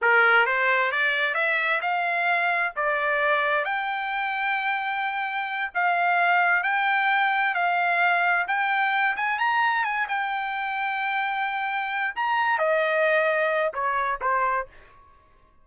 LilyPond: \new Staff \with { instrumentName = "trumpet" } { \time 4/4 \tempo 4 = 131 ais'4 c''4 d''4 e''4 | f''2 d''2 | g''1~ | g''8 f''2 g''4.~ |
g''8 f''2 g''4. | gis''8 ais''4 gis''8 g''2~ | g''2~ g''8 ais''4 dis''8~ | dis''2 cis''4 c''4 | }